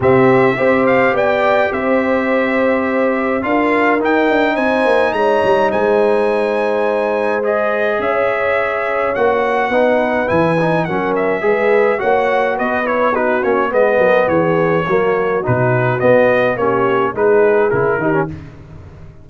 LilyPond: <<
  \new Staff \with { instrumentName = "trumpet" } { \time 4/4 \tempo 4 = 105 e''4. f''8 g''4 e''4~ | e''2 f''4 g''4 | gis''4 ais''4 gis''2~ | gis''4 dis''4 e''2 |
fis''2 gis''4 fis''8 e''8~ | e''4 fis''4 dis''8 cis''8 b'8 cis''8 | dis''4 cis''2 b'4 | dis''4 cis''4 b'4 ais'4 | }
  \new Staff \with { instrumentName = "horn" } { \time 4/4 g'4 c''4 d''4 c''4~ | c''2 ais'2 | c''4 cis''4 c''2~ | c''2 cis''2~ |
cis''4 b'2 ais'4 | b'4 cis''4 b'4 fis'4 | b'8 ais'8 gis'4 fis'2~ | fis'4 g'4 gis'4. g'8 | }
  \new Staff \with { instrumentName = "trombone" } { \time 4/4 c'4 g'2.~ | g'2 f'4 dis'4~ | dis'1~ | dis'4 gis'2. |
fis'4 dis'4 e'8 dis'8 cis'4 | gis'4 fis'4. e'8 dis'8 cis'8 | b2 ais4 dis'4 | b4 cis'4 dis'4 e'8 dis'16 cis'16 | }
  \new Staff \with { instrumentName = "tuba" } { \time 4/4 c4 c'4 b4 c'4~ | c'2 d'4 dis'8 d'8 | c'8 ais8 gis8 g8 gis2~ | gis2 cis'2 |
ais4 b4 e4 fis4 | gis4 ais4 b4. ais8 | gis8 fis8 e4 fis4 b,4 | b4 ais4 gis4 cis8 dis8 | }
>>